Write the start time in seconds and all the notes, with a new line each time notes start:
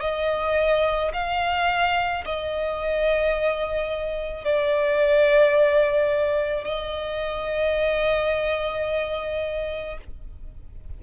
0.00 D#5
1.13 F5
2.25 D#5
4.44 D5
6.64 D#5